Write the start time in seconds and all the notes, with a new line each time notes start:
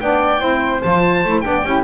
0.00 B3 D4 D5 G5
0.39 C4 E4 C5
0.82 F3 F4 A5
1.24 A3 E4
1.41 B3 D4 D5 G5
1.63 C#4 E4 G4